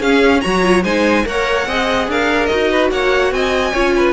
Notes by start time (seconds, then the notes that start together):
0.00 C#4 G#4 F5
0.41 F#3 F#4 C#5 A#5
0.62 F4
0.84 G#3 D#4 C5 G#5
1.25 A#3 A#4 C#5 F#5
1.67 C4 G#4 D#5
2.08 D4 A#4 F5
2.46 F#4 D#5
2.53 D#4
2.71 B4
2.91 A#3 C#5 F#5
3.32 C4 D#5 G#5
3.73 C#4 F4 C#5
3.96 B4